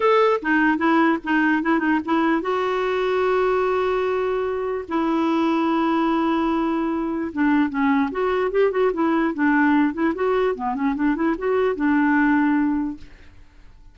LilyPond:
\new Staff \with { instrumentName = "clarinet" } { \time 4/4 \tempo 4 = 148 a'4 dis'4 e'4 dis'4 | e'8 dis'8 e'4 fis'2~ | fis'1 | e'1~ |
e'2 d'4 cis'4 | fis'4 g'8 fis'8 e'4 d'4~ | d'8 e'8 fis'4 b8 cis'8 d'8 e'8 | fis'4 d'2. | }